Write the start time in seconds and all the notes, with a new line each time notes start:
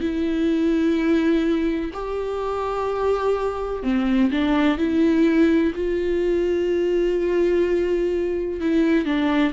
0.00 E4
1.94 G4
3.83 C4
4.31 D4
4.77 E4
5.74 F4
8.60 E4
9.05 D4